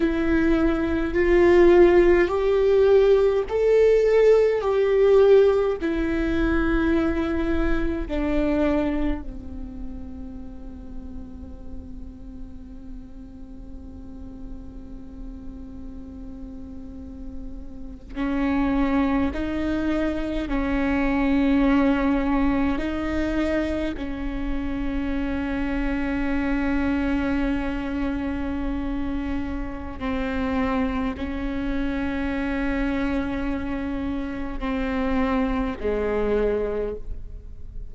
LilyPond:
\new Staff \with { instrumentName = "viola" } { \time 4/4 \tempo 4 = 52 e'4 f'4 g'4 a'4 | g'4 e'2 d'4 | c'1~ | c'2.~ c'8. cis'16~ |
cis'8. dis'4 cis'2 dis'16~ | dis'8. cis'2.~ cis'16~ | cis'2 c'4 cis'4~ | cis'2 c'4 gis4 | }